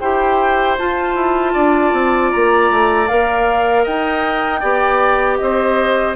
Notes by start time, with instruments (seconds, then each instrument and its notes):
0.00 bassoon E4, clarinet G4, oboe C5, flute G5
0.78 clarinet F4, bassoon F4, flute A5
1.15 bassoon E4
1.53 bassoon D4, oboe D5
1.93 bassoon C4
2.31 bassoon A#3, flute A#5
2.71 bassoon A3
3.08 bassoon A#3, clarinet A#4, flute F5
3.84 bassoon D#4, oboe D#5, flute G5
4.60 bassoon B3, clarinet G4, oboe D5
5.37 bassoon C4, oboe C5, flute D#5